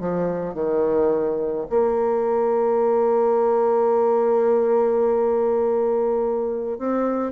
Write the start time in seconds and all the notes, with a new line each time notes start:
0.00 F3
0.54 D#3
1.69 A#3
6.79 C4